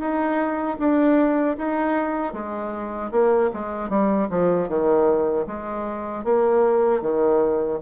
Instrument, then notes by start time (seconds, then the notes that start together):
bassoon
0.00 D#4
0.79 D4
1.58 D#4
2.33 G#3
3.12 A#3
3.54 G#3
3.90 G3
4.30 F3
4.69 D#3
5.47 G#3
6.25 A#3
7.02 D#3